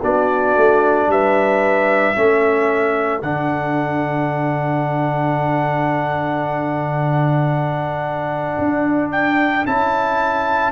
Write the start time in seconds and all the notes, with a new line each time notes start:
0.00 B3 D4 F#4 D5
0.56 A3
1.07 G3 B4 E5
2.15 A3 C#4 A4
3.22 D3 D4 F#5
8.58 D4
9.12 G5
9.66 C#4 E4 A5